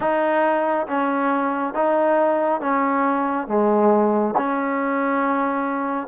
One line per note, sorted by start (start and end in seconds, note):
0.00 0.87 D#4
0.87 1.74 C#4
1.74 2.60 D#4
2.60 3.47 C#4
3.47 4.34 G#3
4.37 6.07 C#4